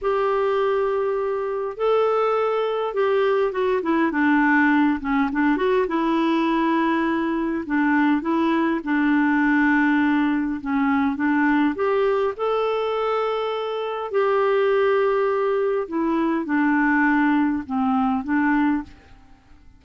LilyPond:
\new Staff \with { instrumentName = "clarinet" } { \time 4/4 \tempo 4 = 102 g'2. a'4~ | a'4 g'4 fis'8 e'8 d'4~ | d'8 cis'8 d'8 fis'8 e'2~ | e'4 d'4 e'4 d'4~ |
d'2 cis'4 d'4 | g'4 a'2. | g'2. e'4 | d'2 c'4 d'4 | }